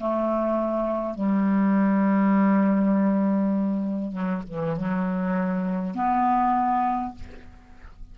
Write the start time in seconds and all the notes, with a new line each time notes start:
0.00 A3
1.15 G3
4.12 F#3
4.48 E3
4.77 F#3
5.95 B3